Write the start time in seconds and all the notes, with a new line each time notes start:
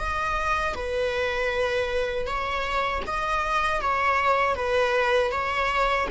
0.00 D#5
0.75 B4
2.27 C#5
3.07 D#5
3.81 C#5
4.56 B4
5.32 C#5